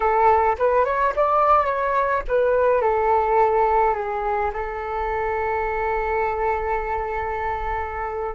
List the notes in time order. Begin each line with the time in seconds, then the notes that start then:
0.00 A4
0.58 B4
0.85 C#5
1.16 D5
1.65 C#5
2.28 B4
2.81 A4
3.94 G#4
4.53 A4